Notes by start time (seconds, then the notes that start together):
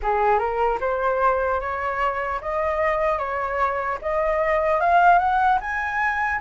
0.02 G#4
0.39 A#4
0.80 C5
1.60 C#5
2.41 D#5
3.18 C#5
4.01 D#5
4.80 F5
5.19 F#5
5.60 G#5